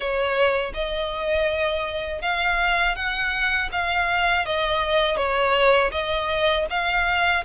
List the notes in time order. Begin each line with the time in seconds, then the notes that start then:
0.00 C#5
0.74 D#5
2.21 F5
2.95 F#5
3.71 F5
4.45 D#5
5.16 C#5
5.91 D#5
6.70 F5